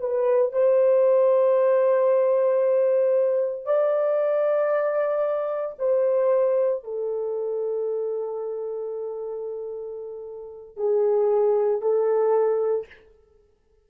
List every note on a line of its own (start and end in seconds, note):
0.00 0.53 B4
0.53 3.65 C5
3.65 5.75 D5
5.78 6.84 C5
6.84 10.77 A4
10.77 11.81 G#4
11.81 12.86 A4